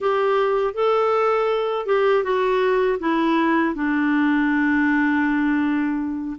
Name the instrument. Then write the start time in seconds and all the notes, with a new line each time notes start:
clarinet
0.00 G4
0.73 A4
1.86 G4
2.23 F#4
2.99 E4
3.74 D4